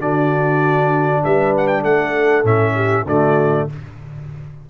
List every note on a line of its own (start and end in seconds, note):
0.00 1.22 D3
0.00 2.45 D4
0.00 1.23 F#4
0.00 1.24 D5
1.24 1.84 G3
1.24 1.82 B4
1.24 1.55 E5
1.57 1.67 F#5
1.67 1.83 G5
1.82 2.44 A3
1.82 2.73 A4
1.82 2.46 F#5
2.44 3.05 A2
2.44 3.06 C#4
2.44 3.07 E5
2.75 3.05 G4
3.05 3.66 D3
3.05 3.70 A3
3.05 3.68 F#4
3.05 3.69 D5